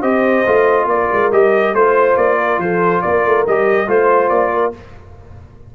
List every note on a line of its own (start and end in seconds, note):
0.00 0.45 C4
0.00 0.45 G4
0.00 0.86 C5
0.00 0.87 D#5
0.47 0.86 A3
0.47 1.32 F4
0.86 1.07 A#3
0.86 1.76 A#4
0.86 1.32 D5
1.12 1.32 G#3
1.32 1.73 G3
1.32 1.75 G4
1.32 1.75 D#5
1.73 2.16 A3
1.73 3.47 F4
1.73 2.17 C5
1.73 2.38 C5
2.17 2.58 A#3
2.17 2.60 D5
2.38 2.59 A#4
2.58 3.01 F3
2.58 3.02 A4
2.58 3.02 C5
3.02 3.25 A#3
3.02 3.87 A#4
3.02 3.44 D5
3.25 3.47 A3
3.47 3.88 G3
3.47 3.87 G4
3.47 3.89 D#5
3.87 4.30 A3
3.87 4.73 F4
3.87 4.52 C5
3.87 4.29 C5
4.29 4.73 A#3
4.29 4.72 D5
4.54 4.75 A#4